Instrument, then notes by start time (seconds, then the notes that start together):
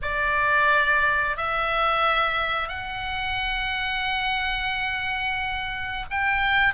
oboe
0.02 D5
1.37 E5
2.68 F#5
6.10 G5